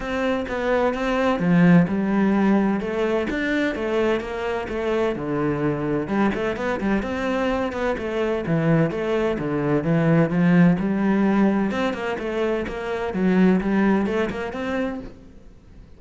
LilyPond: \new Staff \with { instrumentName = "cello" } { \time 4/4 \tempo 4 = 128 c'4 b4 c'4 f4 | g2 a4 d'4 | a4 ais4 a4 d4~ | d4 g8 a8 b8 g8 c'4~ |
c'8 b8 a4 e4 a4 | d4 e4 f4 g4~ | g4 c'8 ais8 a4 ais4 | fis4 g4 a8 ais8 c'4 | }